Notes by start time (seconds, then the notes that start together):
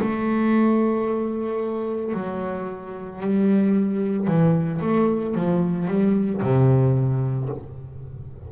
0.00 A3
2.14 F#3
3.21 G3
4.28 E3
4.82 A3
5.35 F3
5.88 G3
6.42 C3